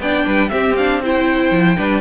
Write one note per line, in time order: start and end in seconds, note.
0.00 0.25 B3
0.00 0.50 D4
0.00 0.26 D5
0.00 0.50 G5
0.26 0.52 G3
0.26 0.51 B4
0.50 0.76 C4
0.50 1.51 C4
0.50 1.03 G4
0.50 0.75 E5
0.76 1.03 D4
0.76 1.02 F5
1.03 1.77 E4
1.03 1.77 C5
1.03 2.01 G5
1.51 1.77 F3
1.77 2.01 G3
1.77 2.01 D4
1.77 2.01 B4